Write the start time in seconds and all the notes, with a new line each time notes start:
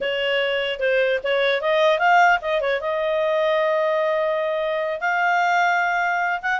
0.00 C#5
0.79 C5
1.23 C#5
1.61 D#5
1.99 F5
2.41 D#5
2.61 C#5
2.81 D#5
5.00 F5
6.41 F#5